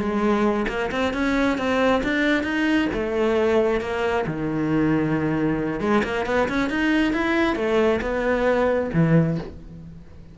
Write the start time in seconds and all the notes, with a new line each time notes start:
0.00 G#3
0.69 A#3
0.92 C4
1.14 C#4
1.58 C4
2.04 D4
2.44 D#4
2.94 A3
3.81 A#3
4.27 D#3
5.81 G#3
6.04 A#3
6.26 B3
6.49 C#4
6.70 D#4
7.14 E4
7.56 A3
8.02 B3
8.94 E3